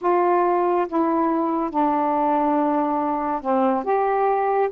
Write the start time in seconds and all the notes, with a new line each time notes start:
0.01 F4
0.88 E4
1.70 D4
3.41 C4
3.84 G4